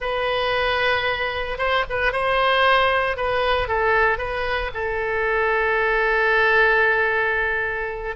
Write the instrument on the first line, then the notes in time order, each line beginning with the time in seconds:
oboe
0.00 B4
1.58 C5
1.89 B4
2.12 C5
3.16 B4
3.68 A4
4.18 B4
4.74 A4